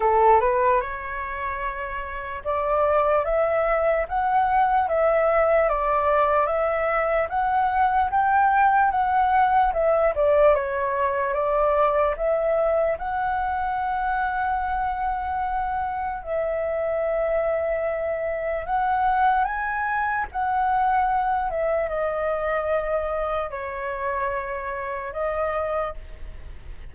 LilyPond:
\new Staff \with { instrumentName = "flute" } { \time 4/4 \tempo 4 = 74 a'8 b'8 cis''2 d''4 | e''4 fis''4 e''4 d''4 | e''4 fis''4 g''4 fis''4 | e''8 d''8 cis''4 d''4 e''4 |
fis''1 | e''2. fis''4 | gis''4 fis''4. e''8 dis''4~ | dis''4 cis''2 dis''4 | }